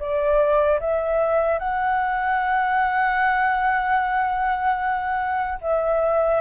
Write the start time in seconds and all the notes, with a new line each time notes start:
0.00 D5
0.80 E5
1.59 F#5
5.61 E5